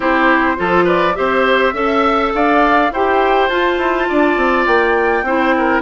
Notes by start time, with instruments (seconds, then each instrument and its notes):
0.00 bassoon C4, clarinet E4, oboe G4, flute C5
0.57 bassoon F3, clarinet F4, oboe A4
0.84 oboe B4, flute D5
1.14 bassoon C4, clarinet G4, oboe C5, flute E5
1.73 bassoon C#4, clarinet A4, oboe E5
2.34 bassoon D4, oboe D5, flute F5
2.91 bassoon E4, clarinet G4, oboe C5, flute G5
3.48 bassoon F4, clarinet F4, flute A5
3.78 bassoon E4
4.08 bassoon D4, oboe D5
4.37 bassoon C4
4.66 bassoon A#3, flute G5
5.22 bassoon C4, clarinet E4, oboe C5
5.57 oboe A#4